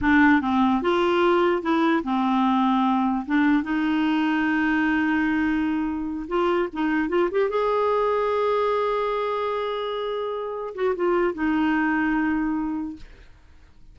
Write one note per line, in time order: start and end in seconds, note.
0.01 0.41 D4
0.41 0.81 C4
0.82 1.62 F4
1.62 2.03 E4
2.03 3.25 C4
3.25 3.63 D4
3.63 6.26 D#4
6.28 6.68 F4
6.72 7.09 D#4
7.09 7.29 F4
7.31 7.49 G4
7.49 10.74 G#4
10.74 10.95 F#4
10.95 11.34 F4
11.34 12.96 D#4